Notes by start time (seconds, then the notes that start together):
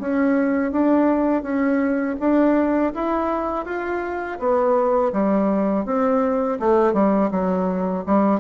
0.00 C#4
0.72 D4
1.43 C#4
2.20 D4
2.94 E4
3.66 F4
4.39 B3
5.13 G3
5.86 C4
6.60 A3
6.94 G3
7.31 F#3
8.06 G3